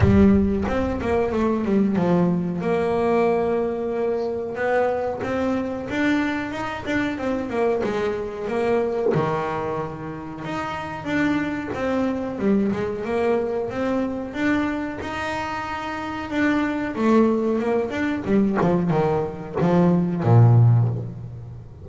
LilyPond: \new Staff \with { instrumentName = "double bass" } { \time 4/4 \tempo 4 = 92 g4 c'8 ais8 a8 g8 f4 | ais2. b4 | c'4 d'4 dis'8 d'8 c'8 ais8 | gis4 ais4 dis2 |
dis'4 d'4 c'4 g8 gis8 | ais4 c'4 d'4 dis'4~ | dis'4 d'4 a4 ais8 d'8 | g8 f8 dis4 f4 ais,4 | }